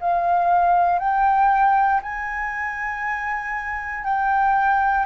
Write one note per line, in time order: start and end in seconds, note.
0.00 0.99 F5
0.99 2.01 G5
2.02 4.04 G#5
4.04 5.06 G5